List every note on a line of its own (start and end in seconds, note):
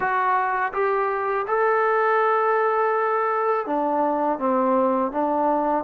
0.00 0.72 F#4
0.72 1.45 G4
1.47 3.66 A4
3.66 4.38 D4
4.38 5.11 C4
5.11 5.84 D4